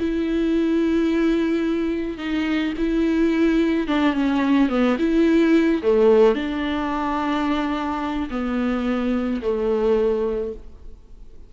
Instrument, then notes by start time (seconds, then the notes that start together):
viola
0.00 E4
2.18 D#4
2.78 E4
3.88 D4
4.14 C#4
4.69 B3
4.99 E4
5.83 A3
6.35 D4
8.31 B3
9.42 A3